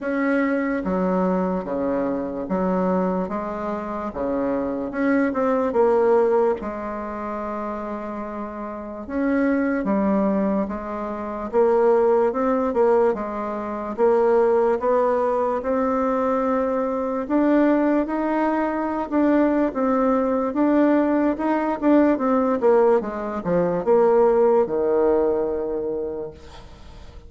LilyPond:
\new Staff \with { instrumentName = "bassoon" } { \time 4/4 \tempo 4 = 73 cis'4 fis4 cis4 fis4 | gis4 cis4 cis'8 c'8 ais4 | gis2. cis'4 | g4 gis4 ais4 c'8 ais8 |
gis4 ais4 b4 c'4~ | c'4 d'4 dis'4~ dis'16 d'8. | c'4 d'4 dis'8 d'8 c'8 ais8 | gis8 f8 ais4 dis2 | }